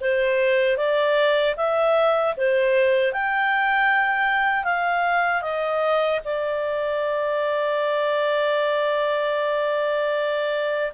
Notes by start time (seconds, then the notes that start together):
0.00 C5
0.77 D5
1.56 E5
2.36 C5
3.12 G5
4.64 F5
5.42 D#5
6.24 D5